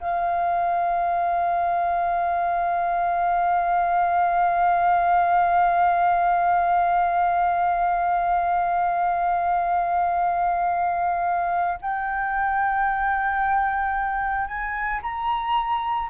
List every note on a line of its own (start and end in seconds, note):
0.00 11.79 F5
11.81 14.47 G5
14.47 15.00 G#5
15.02 16.09 A#5